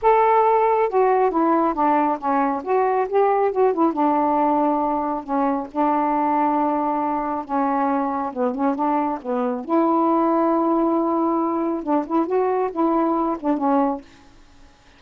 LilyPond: \new Staff \with { instrumentName = "saxophone" } { \time 4/4 \tempo 4 = 137 a'2 fis'4 e'4 | d'4 cis'4 fis'4 g'4 | fis'8 e'8 d'2. | cis'4 d'2.~ |
d'4 cis'2 b8 cis'8 | d'4 b4 e'2~ | e'2. d'8 e'8 | fis'4 e'4. d'8 cis'4 | }